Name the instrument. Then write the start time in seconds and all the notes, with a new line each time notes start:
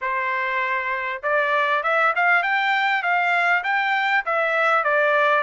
trumpet
0.01 C5
1.22 D5
1.83 E5
2.15 F5
2.42 G5
3.02 F5
3.63 G5
4.25 E5
4.83 D5